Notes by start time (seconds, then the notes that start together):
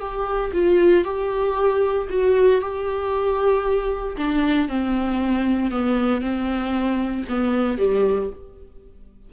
0.00 G4
0.54 F4
1.05 G4
2.10 F#4
2.61 G4
4.17 D4
4.69 C4
5.71 B3
6.21 C4
7.29 B3
7.78 G3